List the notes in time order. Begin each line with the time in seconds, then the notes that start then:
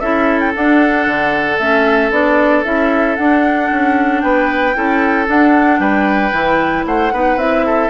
0.00 C#4 E4 A4 E5
0.40 G5
0.54 D4 F#5
1.07 D3
1.58 A3 C#4 E5
2.11 B3 D4 D5
2.64 C#4 E4 E5
3.16 D4 F#5
3.71 C#4
4.21 B3 B4 G5
4.75 C#4 E4 A4
5.27 D4 F#5
5.79 G3 B4 G5
6.32 E3 E4
6.86 A3 C5 F#5
7.12 B3 D#4 B4
7.36 C4 E4 E5
7.66 A4